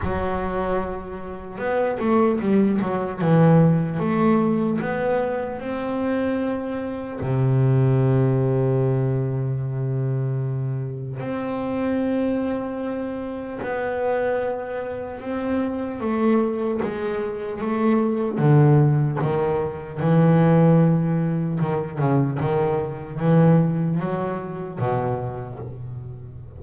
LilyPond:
\new Staff \with { instrumentName = "double bass" } { \time 4/4 \tempo 4 = 75 fis2 b8 a8 g8 fis8 | e4 a4 b4 c'4~ | c'4 c2.~ | c2 c'2~ |
c'4 b2 c'4 | a4 gis4 a4 d4 | dis4 e2 dis8 cis8 | dis4 e4 fis4 b,4 | }